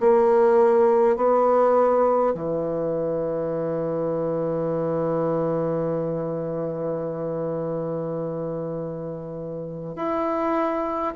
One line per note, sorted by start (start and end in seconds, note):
0.00 1.17 A#3
1.17 2.34 B3
2.35 9.96 E3
9.96 11.14 E4